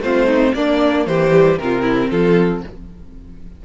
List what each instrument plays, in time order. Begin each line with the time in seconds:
0.00 cello A3, viola C4, violin F4 C5
0.26 violin D#4
0.54 cello A#3, viola A#3, violin D4 D5
1.06 cello E3, violin G4 C5
1.31 viola G3
1.57 cello C3, viola C4, violin F4 A#4
1.82 violin E4
2.10 cello F3, violin F4 A4